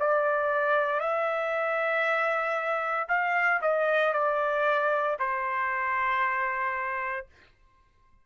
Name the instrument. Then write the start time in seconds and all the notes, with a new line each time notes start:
trumpet
0.00 D5
1.01 E5
3.09 F5
3.62 D#5
4.14 D5
5.20 C5